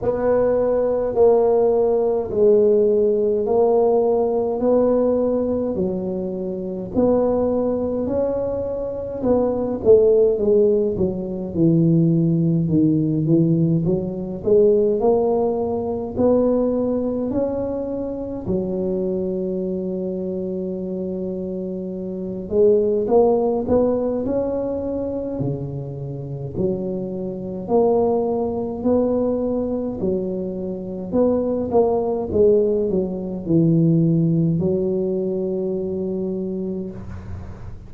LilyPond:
\new Staff \with { instrumentName = "tuba" } { \time 4/4 \tempo 4 = 52 b4 ais4 gis4 ais4 | b4 fis4 b4 cis'4 | b8 a8 gis8 fis8 e4 dis8 e8 | fis8 gis8 ais4 b4 cis'4 |
fis2.~ fis8 gis8 | ais8 b8 cis'4 cis4 fis4 | ais4 b4 fis4 b8 ais8 | gis8 fis8 e4 fis2 | }